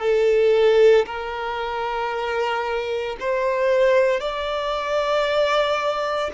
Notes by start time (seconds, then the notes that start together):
0.00 A4
1.06 A#4
3.20 C5
4.20 D5